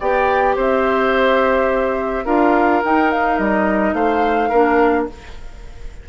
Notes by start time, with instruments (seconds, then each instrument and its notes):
0.00 bassoon B3, clarinet G4, oboe D5, flute G5
0.56 bassoon C4, oboe C5, flute E5
2.25 bassoon D4, clarinet F4, oboe A#4, flute F5
2.84 clarinet D#4, bassoon D#4, flute G5
3.11 flute F5
3.39 bassoon G3, flute D#5
3.94 bassoon A3, oboe C5, flute F5
4.49 bassoon A#3, clarinet D4, oboe A#4